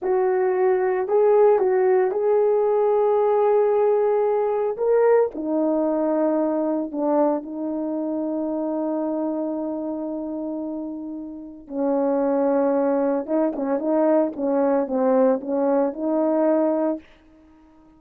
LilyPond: \new Staff \with { instrumentName = "horn" } { \time 4/4 \tempo 4 = 113 fis'2 gis'4 fis'4 | gis'1~ | gis'4 ais'4 dis'2~ | dis'4 d'4 dis'2~ |
dis'1~ | dis'2 cis'2~ | cis'4 dis'8 cis'8 dis'4 cis'4 | c'4 cis'4 dis'2 | }